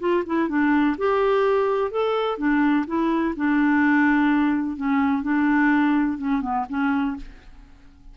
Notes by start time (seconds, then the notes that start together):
0.00 F4
0.26 E4
0.49 D4
0.98 G4
1.91 A4
2.38 D4
2.87 E4
3.36 D4
4.77 C#4
5.23 D4
6.18 C#4
6.42 B3
6.69 C#4